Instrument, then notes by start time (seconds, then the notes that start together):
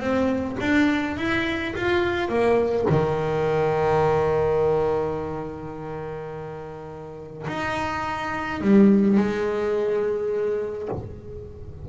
double bass
0.00 C4
0.61 D4
1.17 E4
1.76 F4
2.29 A#3
2.90 D#3
7.48 D#4
8.62 G3
9.18 G#3